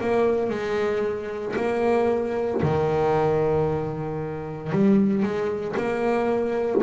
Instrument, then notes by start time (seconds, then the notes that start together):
double bass
0.00 A#3
0.49 G#3
1.56 A#3
2.62 D#3
4.72 G3
5.22 G#3
5.77 A#3